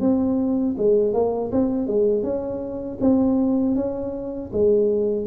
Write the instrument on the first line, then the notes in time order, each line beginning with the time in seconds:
tuba
0.00 C4
0.77 G#3
1.13 A#3
1.51 C4
1.86 G#3
2.23 C#4
3.00 C4
3.75 C#4
4.52 G#3